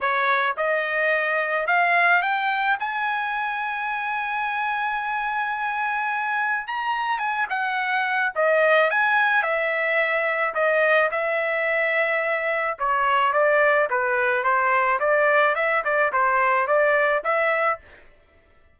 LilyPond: \new Staff \with { instrumentName = "trumpet" } { \time 4/4 \tempo 4 = 108 cis''4 dis''2 f''4 | g''4 gis''2.~ | gis''1 | ais''4 gis''8 fis''4. dis''4 |
gis''4 e''2 dis''4 | e''2. cis''4 | d''4 b'4 c''4 d''4 | e''8 d''8 c''4 d''4 e''4 | }